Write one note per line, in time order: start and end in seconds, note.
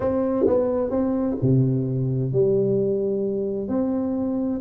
0.00 0.46 C4
0.46 0.90 B3
0.90 1.36 C4
1.41 2.32 C3
2.32 3.68 G3
3.68 4.60 C4